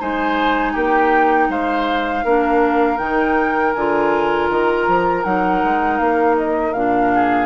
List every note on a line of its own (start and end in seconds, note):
0.00 0.75 G#3
0.00 2.25 D#4
0.00 0.73 C5
0.00 0.76 G#5
0.73 1.49 A#3
0.73 1.48 G4
0.73 1.51 G5
1.49 2.24 G#3
1.49 2.25 C5
1.49 2.98 F5
2.25 2.99 A#3
2.25 2.98 D4
2.25 7.12 A#4
2.98 3.74 D#3
2.98 3.73 D#4
2.98 3.73 G5
3.74 4.50 D3
3.74 5.24 F4
3.74 4.49 G#5
4.50 4.88 D#3
4.50 5.24 A#5
4.88 5.25 F3
5.24 5.63 F#3
5.24 6.74 D#4
5.24 5.98 F#5
5.64 6.00 G#3
5.98 6.74 A#3
5.98 6.35 F5
6.38 6.74 D#5
6.74 7.47 A#2
6.74 7.47 D4
6.74 7.47 F5
7.15 7.47 G#4